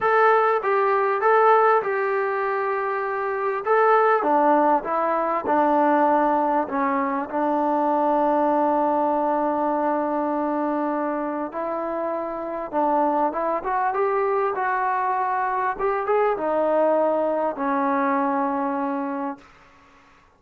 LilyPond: \new Staff \with { instrumentName = "trombone" } { \time 4/4 \tempo 4 = 99 a'4 g'4 a'4 g'4~ | g'2 a'4 d'4 | e'4 d'2 cis'4 | d'1~ |
d'2. e'4~ | e'4 d'4 e'8 fis'8 g'4 | fis'2 g'8 gis'8 dis'4~ | dis'4 cis'2. | }